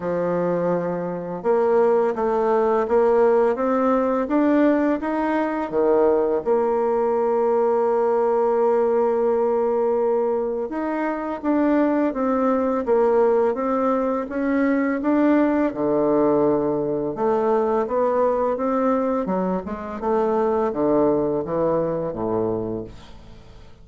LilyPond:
\new Staff \with { instrumentName = "bassoon" } { \time 4/4 \tempo 4 = 84 f2 ais4 a4 | ais4 c'4 d'4 dis'4 | dis4 ais2.~ | ais2. dis'4 |
d'4 c'4 ais4 c'4 | cis'4 d'4 d2 | a4 b4 c'4 fis8 gis8 | a4 d4 e4 a,4 | }